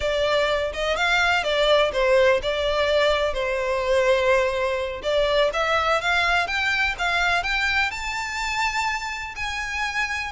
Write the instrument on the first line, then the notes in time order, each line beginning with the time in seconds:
violin
0.00 D5
0.73 D#5
0.96 F5
1.43 D5
1.92 C5
2.42 D5
3.33 C5
5.02 D5
5.53 E5
6.01 F5
6.47 G5
6.98 F5
7.43 G5
7.90 A5
9.35 G#5